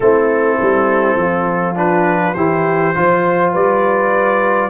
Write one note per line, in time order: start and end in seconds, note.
0.00 0.57 A3
0.00 1.75 C4
0.00 1.19 E4
0.00 1.76 A4
0.61 1.16 G3
1.16 2.34 F3
1.16 2.35 F4
1.75 2.34 D4
1.75 2.34 B4
2.34 2.95 E3
2.34 2.94 E4
2.34 2.94 G4
2.34 3.51 C5
2.94 3.54 F3
2.94 4.70 F4
2.94 3.51 C5
3.51 4.70 G3
3.51 4.69 B4
3.51 4.70 D5